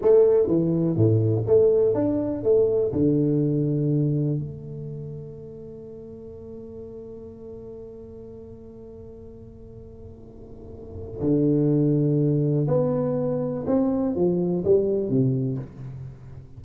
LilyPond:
\new Staff \with { instrumentName = "tuba" } { \time 4/4 \tempo 4 = 123 a4 e4 a,4 a4 | d'4 a4 d2~ | d4 a2.~ | a1~ |
a1~ | a2. d4~ | d2 b2 | c'4 f4 g4 c4 | }